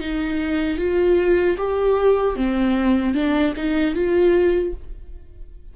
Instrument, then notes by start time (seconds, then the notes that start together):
viola
0.00 D#4
0.78 F4
1.57 G4
2.35 C4
3.14 D4
3.56 D#4
3.94 F4